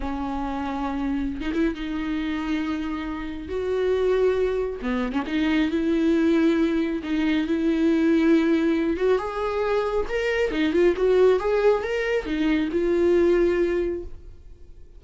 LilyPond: \new Staff \with { instrumentName = "viola" } { \time 4/4 \tempo 4 = 137 cis'2.~ cis'16 dis'16 e'8 | dis'1 | fis'2. b8. cis'16 | dis'4 e'2. |
dis'4 e'2.~ | e'8 fis'8 gis'2 ais'4 | dis'8 f'8 fis'4 gis'4 ais'4 | dis'4 f'2. | }